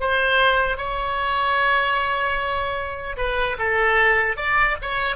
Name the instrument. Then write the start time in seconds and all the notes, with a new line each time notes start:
oboe
0.00 C5
0.77 C#5
3.17 B4
3.59 A4
4.36 D5
4.82 C#5